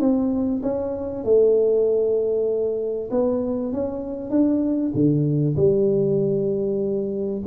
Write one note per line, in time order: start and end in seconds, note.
0.00 0.62 C4
0.63 1.24 C#4
1.24 3.10 A3
3.11 3.73 B3
3.73 4.30 C#4
4.30 4.92 D4
4.94 5.56 D3
5.56 7.42 G3